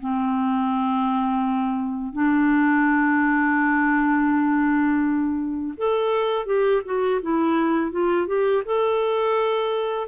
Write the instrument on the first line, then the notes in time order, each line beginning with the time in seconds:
clarinet
0.00 C4
2.12 D4
5.77 A4
6.46 G4
6.85 F#4
7.22 E4
7.91 F4
8.27 G4
8.65 A4